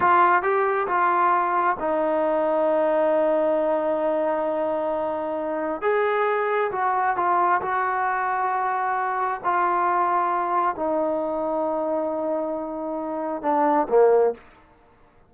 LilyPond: \new Staff \with { instrumentName = "trombone" } { \time 4/4 \tempo 4 = 134 f'4 g'4 f'2 | dis'1~ | dis'1~ | dis'4 gis'2 fis'4 |
f'4 fis'2.~ | fis'4 f'2. | dis'1~ | dis'2 d'4 ais4 | }